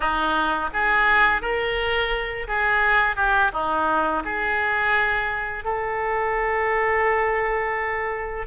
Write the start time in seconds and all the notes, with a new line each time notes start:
0.00 D#4
0.73 G#4
1.41 A#4
2.47 G#4
3.16 G4
3.52 D#4
4.24 G#4
5.64 A4